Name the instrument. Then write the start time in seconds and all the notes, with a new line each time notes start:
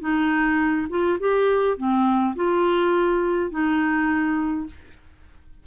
clarinet
0.00 D#4
0.89 F4
1.19 G4
1.77 C4
2.35 F4
3.51 D#4